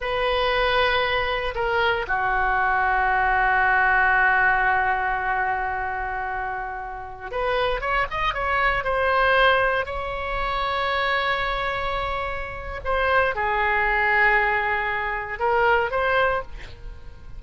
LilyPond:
\new Staff \with { instrumentName = "oboe" } { \time 4/4 \tempo 4 = 117 b'2. ais'4 | fis'1~ | fis'1~ | fis'2~ fis'16 b'4 cis''8 dis''16~ |
dis''16 cis''4 c''2 cis''8.~ | cis''1~ | cis''4 c''4 gis'2~ | gis'2 ais'4 c''4 | }